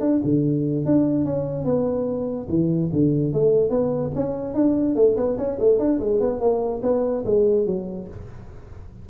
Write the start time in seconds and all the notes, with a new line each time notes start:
0.00 D4
0.24 D3
0.85 D4
1.25 C#4
1.65 B3
2.49 E3
2.92 D3
3.33 A3
3.70 B3
4.15 C#4
4.54 D4
4.95 A3
5.16 B3
5.38 C#4
5.59 A3
5.79 D4
6.00 G#3
6.20 B3
6.40 A#3
6.83 B3
7.25 G#3
7.66 F#3